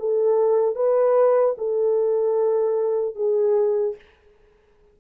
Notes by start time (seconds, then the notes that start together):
0.00 A4
0.76 B4
1.58 A4
3.16 G#4